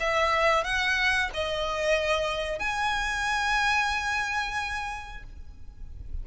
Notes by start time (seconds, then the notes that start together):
0.00 E5
0.64 F#5
1.34 D#5
2.59 G#5